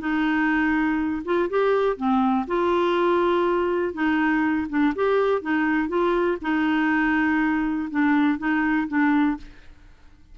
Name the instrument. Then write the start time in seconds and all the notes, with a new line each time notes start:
clarinet
0.00 D#4
1.25 F4
1.50 G4
1.97 C4
2.47 F4
3.94 D#4
4.69 D4
4.95 G4
5.41 D#4
5.89 F4
6.42 D#4
7.90 D4
8.39 D#4
8.88 D4